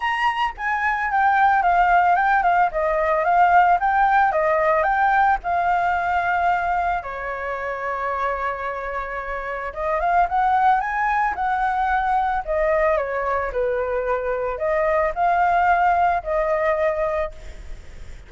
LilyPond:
\new Staff \with { instrumentName = "flute" } { \time 4/4 \tempo 4 = 111 ais''4 gis''4 g''4 f''4 | g''8 f''8 dis''4 f''4 g''4 | dis''4 g''4 f''2~ | f''4 cis''2.~ |
cis''2 dis''8 f''8 fis''4 | gis''4 fis''2 dis''4 | cis''4 b'2 dis''4 | f''2 dis''2 | }